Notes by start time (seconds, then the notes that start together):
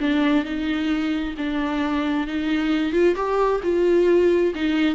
0.00 D4
0.45 D#4
1.38 D4
2.28 D#4
2.93 F4
3.16 G4
3.64 F4
4.55 D#4